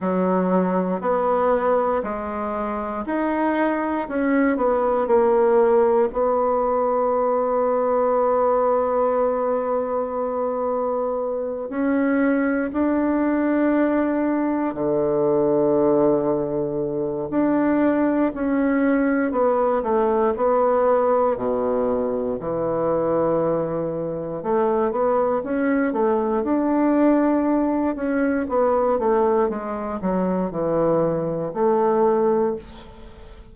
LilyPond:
\new Staff \with { instrumentName = "bassoon" } { \time 4/4 \tempo 4 = 59 fis4 b4 gis4 dis'4 | cis'8 b8 ais4 b2~ | b2.~ b8 cis'8~ | cis'8 d'2 d4.~ |
d4 d'4 cis'4 b8 a8 | b4 b,4 e2 | a8 b8 cis'8 a8 d'4. cis'8 | b8 a8 gis8 fis8 e4 a4 | }